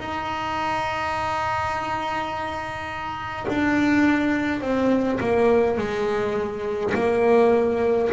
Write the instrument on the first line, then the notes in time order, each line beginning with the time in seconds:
double bass
0.00 D#4
3.49 D4
4.62 C4
5.21 A#3
5.78 G#3
6.95 A#3